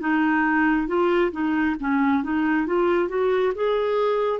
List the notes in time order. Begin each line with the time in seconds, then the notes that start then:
0.00 D#4
0.87 F4
1.32 D#4
1.80 C#4
2.24 D#4
2.66 F4
3.09 F#4
3.55 G#4